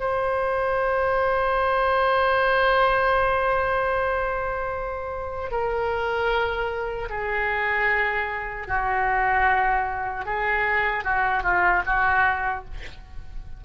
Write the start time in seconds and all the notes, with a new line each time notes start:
0.00 C5
5.51 A#4
7.10 G#4
8.68 F#4
10.26 G#4
11.05 F#4
11.43 F4
11.86 F#4